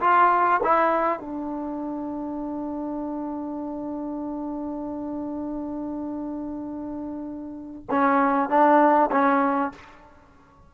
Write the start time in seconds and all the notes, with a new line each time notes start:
0.00 F4
0.63 E4
1.19 D4
7.90 C#4
8.50 D4
9.11 C#4